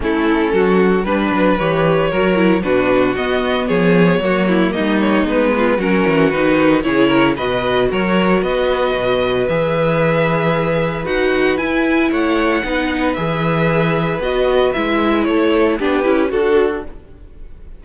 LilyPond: <<
  \new Staff \with { instrumentName = "violin" } { \time 4/4 \tempo 4 = 114 a'2 b'4 cis''4~ | cis''4 b'4 dis''4 cis''4~ | cis''4 dis''8 cis''8 b'4 ais'4 | b'4 cis''4 dis''4 cis''4 |
dis''2 e''2~ | e''4 fis''4 gis''4 fis''4~ | fis''4 e''2 dis''4 | e''4 cis''4 b'4 a'4 | }
  \new Staff \with { instrumentName = "violin" } { \time 4/4 e'4 fis'4 b'2 | ais'4 fis'2 gis'4 | fis'8 e'8 dis'4. f'8 fis'4~ | fis'4 gis'8 ais'8 b'4 ais'4 |
b'1~ | b'2. cis''4 | b'1~ | b'4 a'4 g'4 fis'4 | }
  \new Staff \with { instrumentName = "viola" } { \time 4/4 cis'2 d'4 g'4 | fis'8 e'8 d'4 b2 | ais2 b4 cis'4 | dis'4 e'4 fis'2~ |
fis'2 gis'2~ | gis'4 fis'4 e'2 | dis'4 gis'2 fis'4 | e'2 d'8 e'8 fis'4 | }
  \new Staff \with { instrumentName = "cello" } { \time 4/4 a4 fis4 g8 fis8 e4 | fis4 b,4 b4 f4 | fis4 g4 gis4 fis8 e8 | dis4 cis4 b,4 fis4 |
b4 b,4 e2~ | e4 dis'4 e'4 a4 | b4 e2 b4 | gis4 a4 b8 cis'8 d'4 | }
>>